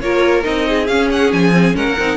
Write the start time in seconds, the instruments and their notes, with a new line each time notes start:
0.00 cello A#3, viola F4, violin A#4 C#5
0.42 cello C4, viola D#4, violin D#5
0.68 violin G#4
0.87 cello C#4, viola C#4, violin F5
1.12 violin F#5
1.32 cello F3, violin G#5
1.52 viola C4
1.73 cello G#3, viola C#4, violin A#4 F#5
1.86 cello A#3
1.99 cello C4, viola D#4